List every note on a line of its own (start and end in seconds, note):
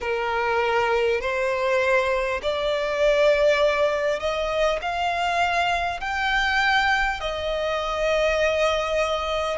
0.01 1.20 A#4
1.20 2.40 C5
2.42 4.19 D5
4.19 4.79 D#5
4.81 6.00 F5
6.00 7.20 G5
7.20 9.58 D#5